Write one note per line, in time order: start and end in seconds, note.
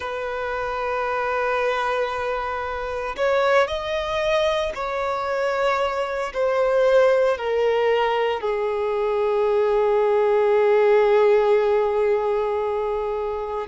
0.00 3.15 B4
3.16 3.67 C#5
3.67 4.73 D#5
4.75 6.33 C#5
6.33 7.37 C5
7.37 8.41 A#4
8.41 13.67 G#4